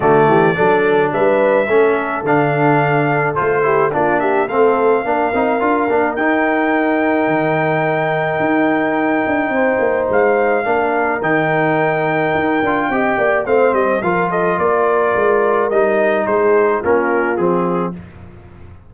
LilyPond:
<<
  \new Staff \with { instrumentName = "trumpet" } { \time 4/4 \tempo 4 = 107 d''2 e''2 | f''2 c''4 d''8 e''8 | f''2. g''4~ | g''1~ |
g''2 f''2 | g''1 | f''8 dis''8 f''8 dis''8 d''2 | dis''4 c''4 ais'4 gis'4 | }
  \new Staff \with { instrumentName = "horn" } { \time 4/4 fis'8 g'8 a'4 b'4 a'4~ | a'2~ a'8 g'8 f'8 g'8 | a'4 ais'2.~ | ais'1~ |
ais'4 c''2 ais'4~ | ais'2. dis''8 d''8 | c''4 ais'8 a'8 ais'2~ | ais'4 gis'4 f'2 | }
  \new Staff \with { instrumentName = "trombone" } { \time 4/4 a4 d'2 cis'4 | d'2 f'8 e'8 d'4 | c'4 d'8 dis'8 f'8 d'8 dis'4~ | dis'1~ |
dis'2. d'4 | dis'2~ dis'8 f'8 g'4 | c'4 f'2. | dis'2 cis'4 c'4 | }
  \new Staff \with { instrumentName = "tuba" } { \time 4/4 d8 e8 fis4 g4 a4 | d2 a4 ais4 | a4 ais8 c'8 d'8 ais8 dis'4~ | dis'4 dis2 dis'4~ |
dis'8 d'8 c'8 ais8 gis4 ais4 | dis2 dis'8 d'8 c'8 ais8 | a8 g8 f4 ais4 gis4 | g4 gis4 ais4 f4 | }
>>